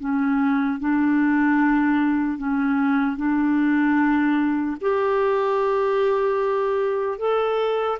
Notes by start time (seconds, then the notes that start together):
0.00 C#4
0.80 D4
2.38 C#4
3.17 D4
4.81 G4
7.19 A4